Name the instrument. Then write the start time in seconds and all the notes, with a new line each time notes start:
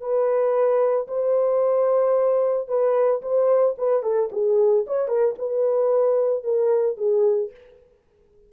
horn
0.00 B4
1.07 C5
2.68 B4
3.22 C5
3.78 B4
4.03 A4
4.32 G#4
4.87 C#5
5.08 A#4
5.38 B4
6.43 A#4
6.97 G#4